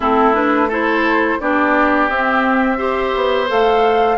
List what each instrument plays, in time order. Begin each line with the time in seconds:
0.00 bassoon A3, clarinet C4, oboe E4, flute A4
0.33 clarinet D4, flute B4
0.68 clarinet E4, oboe A4, flute C5
1.40 bassoon B3, clarinet D4, oboe G4, flute D5
2.09 bassoon C4, clarinet C4, flute E5
2.77 clarinet G4, oboe C5
3.15 bassoon B3
3.47 bassoon A3, clarinet A4, flute F5